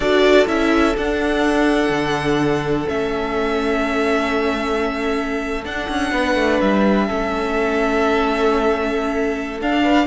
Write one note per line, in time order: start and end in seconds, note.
0.00 0.46 D4
0.00 0.46 F#4
0.00 6.11 A4
0.00 0.46 D5
0.46 0.95 C#4
0.46 0.94 E4
0.46 0.96 E5
0.97 1.89 D4
0.97 2.87 D4
0.97 2.88 F#5
1.89 2.85 D3
2.87 5.64 A3
2.87 5.63 C#4
2.87 5.64 E5
5.64 5.88 D4
5.64 7.08 D4
5.64 6.60 F#5
5.89 6.11 C#4
6.11 6.35 B3
6.11 7.06 B4
6.35 6.59 A3
6.60 7.10 G3
6.60 9.60 E5
7.06 9.61 A3
7.06 9.60 C#4
7.06 9.82 A4
9.61 10.06 D4
9.61 10.06 F5
9.83 10.06 B4